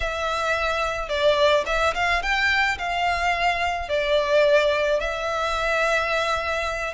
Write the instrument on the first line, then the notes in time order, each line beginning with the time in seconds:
violin
0.00 E5
1.08 D5
1.66 E5
1.94 F5
2.22 G5
2.78 F5
3.88 D5
4.99 E5